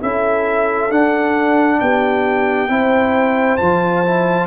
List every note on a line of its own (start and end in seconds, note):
0.00 0.90 C#4
0.00 0.90 E4
0.00 1.80 A4
0.00 0.91 E5
0.90 1.79 D4
0.90 2.68 D4
0.90 1.79 F#5
1.79 2.68 B3
1.79 2.71 G4
1.79 3.57 G5
2.68 3.58 C4
2.68 3.58 E4
2.68 4.46 C5
3.57 4.46 F3
3.57 4.04 F4
3.57 4.46 A5
4.04 4.46 E4